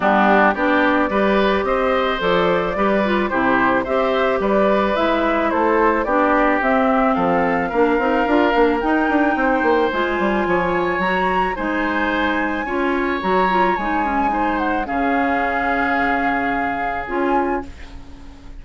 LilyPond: <<
  \new Staff \with { instrumentName = "flute" } { \time 4/4 \tempo 4 = 109 g'4 d''2 dis''4 | d''2 c''4 e''4 | d''4 e''4 c''4 d''4 | e''4 f''2. |
g''2 gis''2 | ais''4 gis''2. | ais''4 gis''4. fis''8 f''4~ | f''2. gis''4 | }
  \new Staff \with { instrumentName = "oboe" } { \time 4/4 d'4 g'4 b'4 c''4~ | c''4 b'4 g'4 c''4 | b'2 a'4 g'4~ | g'4 a'4 ais'2~ |
ais'4 c''2 cis''4~ | cis''4 c''2 cis''4~ | cis''2 c''4 gis'4~ | gis'1 | }
  \new Staff \with { instrumentName = "clarinet" } { \time 4/4 b4 d'4 g'2 | a'4 g'8 f'8 e'4 g'4~ | g'4 e'2 d'4 | c'2 d'8 dis'8 f'8 d'8 |
dis'2 f'2 | fis'4 dis'2 f'4 | fis'8 f'8 dis'8 cis'8 dis'4 cis'4~ | cis'2. f'4 | }
  \new Staff \with { instrumentName = "bassoon" } { \time 4/4 g4 b4 g4 c'4 | f4 g4 c4 c'4 | g4 gis4 a4 b4 | c'4 f4 ais8 c'8 d'8 ais8 |
dis'8 d'8 c'8 ais8 gis8 g8 f4 | fis4 gis2 cis'4 | fis4 gis2 cis4~ | cis2. cis'4 | }
>>